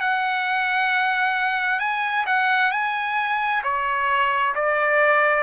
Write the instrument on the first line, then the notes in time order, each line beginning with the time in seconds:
trumpet
0.00 F#5
1.79 G#5
2.26 F#5
2.71 G#5
3.63 C#5
4.55 D5